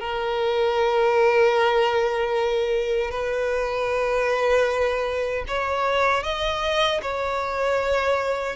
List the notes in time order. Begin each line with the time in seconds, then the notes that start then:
0.00 A#4
3.11 B4
5.47 C#5
6.23 D#5
7.02 C#5